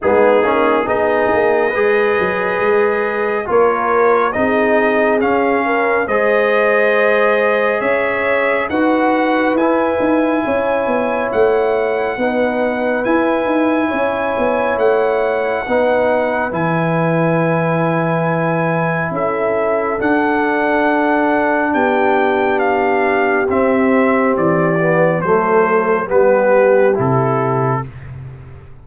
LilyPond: <<
  \new Staff \with { instrumentName = "trumpet" } { \time 4/4 \tempo 4 = 69 gis'4 dis''2. | cis''4 dis''4 f''4 dis''4~ | dis''4 e''4 fis''4 gis''4~ | gis''4 fis''2 gis''4~ |
gis''4 fis''2 gis''4~ | gis''2 e''4 fis''4~ | fis''4 g''4 f''4 e''4 | d''4 c''4 b'4 a'4 | }
  \new Staff \with { instrumentName = "horn" } { \time 4/4 dis'4 gis'4 b'2 | ais'4 gis'4. ais'8 c''4~ | c''4 cis''4 b'2 | cis''2 b'2 |
cis''2 b'2~ | b'2 a'2~ | a'4 g'2.~ | g'4 a'4 g'2 | }
  \new Staff \with { instrumentName = "trombone" } { \time 4/4 b8 cis'8 dis'4 gis'2 | f'4 dis'4 cis'4 gis'4~ | gis'2 fis'4 e'4~ | e'2 dis'4 e'4~ |
e'2 dis'4 e'4~ | e'2. d'4~ | d'2. c'4~ | c'8 b8 a4 b4 e'4 | }
  \new Staff \with { instrumentName = "tuba" } { \time 4/4 gis8 ais8 b8 ais8 gis8 fis8 gis4 | ais4 c'4 cis'4 gis4~ | gis4 cis'4 dis'4 e'8 dis'8 | cis'8 b8 a4 b4 e'8 dis'8 |
cis'8 b8 a4 b4 e4~ | e2 cis'4 d'4~ | d'4 b2 c'4 | e4 fis4 g4 c4 | }
>>